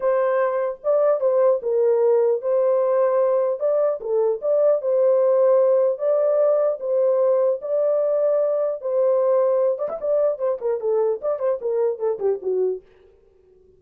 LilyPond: \new Staff \with { instrumentName = "horn" } { \time 4/4 \tempo 4 = 150 c''2 d''4 c''4 | ais'2 c''2~ | c''4 d''4 a'4 d''4 | c''2. d''4~ |
d''4 c''2 d''4~ | d''2 c''2~ | c''8 d''16 e''16 d''4 c''8 ais'8 a'4 | d''8 c''8 ais'4 a'8 g'8 fis'4 | }